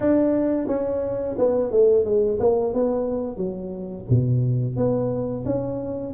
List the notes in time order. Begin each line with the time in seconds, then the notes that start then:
0.00 D4
0.67 C#4
1.38 B3
1.71 A3
2.04 G#3
2.39 A#3
2.73 B3
3.37 F#3
4.09 B2
4.76 B3
5.45 C#4